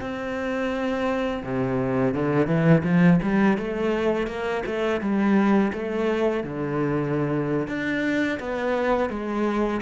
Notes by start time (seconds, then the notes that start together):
0.00 C4
1.43 C3
2.14 D3
2.46 E3
2.83 F3
3.22 G3
3.57 A3
4.27 A#3
4.66 A3
5.00 G3
5.72 A3
6.43 D3
7.67 D4
8.39 B3
9.09 G#3